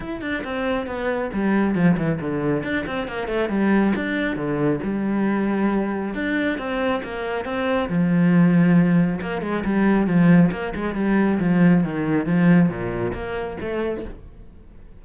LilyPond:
\new Staff \with { instrumentName = "cello" } { \time 4/4 \tempo 4 = 137 e'8 d'8 c'4 b4 g4 | f8 e8 d4 d'8 c'8 ais8 a8 | g4 d'4 d4 g4~ | g2 d'4 c'4 |
ais4 c'4 f2~ | f4 ais8 gis8 g4 f4 | ais8 gis8 g4 f4 dis4 | f4 ais,4 ais4 a4 | }